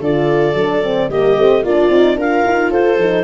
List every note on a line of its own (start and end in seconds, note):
0.00 0.54 D3
0.00 0.56 F4
0.00 1.09 A4
0.00 1.10 D5
0.54 1.08 F#3
0.54 0.83 D4
0.83 1.10 C4
1.09 1.36 G3
1.09 1.36 A#3
1.09 1.63 G4
1.09 1.64 D#5
1.36 1.63 A3
1.36 1.63 C4
1.63 1.90 A#3
1.63 1.91 D4
1.63 2.17 F4
1.63 2.19 D5
1.90 2.16 C4
1.90 2.18 D#4
2.16 2.43 D4
2.16 3.00 F4
2.16 2.71 A#4
2.16 2.72 F5
2.46 2.73 D#4
2.71 2.97 F4
2.71 3.24 A4
2.71 3.24 C5
2.97 3.24 F3
2.97 3.24 D#4